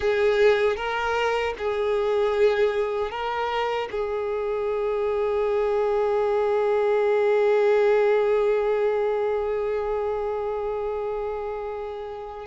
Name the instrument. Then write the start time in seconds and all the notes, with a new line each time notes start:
violin
0.00 G#4
0.76 A#4
1.58 G#4
3.11 A#4
3.91 G#4